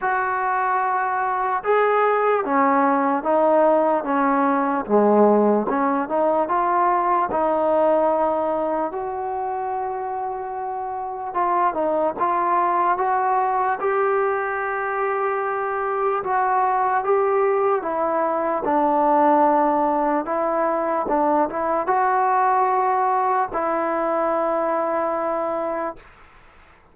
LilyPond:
\new Staff \with { instrumentName = "trombone" } { \time 4/4 \tempo 4 = 74 fis'2 gis'4 cis'4 | dis'4 cis'4 gis4 cis'8 dis'8 | f'4 dis'2 fis'4~ | fis'2 f'8 dis'8 f'4 |
fis'4 g'2. | fis'4 g'4 e'4 d'4~ | d'4 e'4 d'8 e'8 fis'4~ | fis'4 e'2. | }